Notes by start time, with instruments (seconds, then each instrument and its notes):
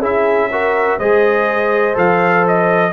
0.00 tuba C#4, trombone E4, horn G#4, trumpet E5
0.52 trombone F#4, horn A#4
0.99 tuba G#3, trombone G#4, horn C5, trumpet D#5
1.95 tuba F3, trombone A4, trumpet F5
2.48 trumpet D#5